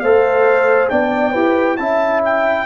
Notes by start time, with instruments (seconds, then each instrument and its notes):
0.00 tuba A3, trombone A4, horn C5, trumpet F5
0.90 tuba B3, trombone D4, horn D5, trumpet G5
1.32 tuba E4, trombone G4, horn B4
1.77 tuba C#4, trombone E4, horn E5, trumpet A5
2.25 trumpet G5